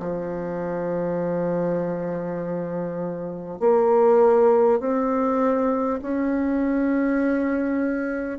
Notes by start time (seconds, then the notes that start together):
0.00 F3
3.60 A#3
4.80 C4
6.02 C#4